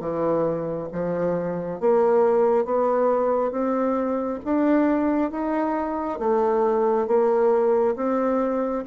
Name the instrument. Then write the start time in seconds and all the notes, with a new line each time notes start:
bassoon
0.00 E3
0.93 F3
1.80 A#3
2.66 B3
3.51 C4
4.45 D4
5.31 D#4
6.19 A3
7.07 A#3
7.96 C4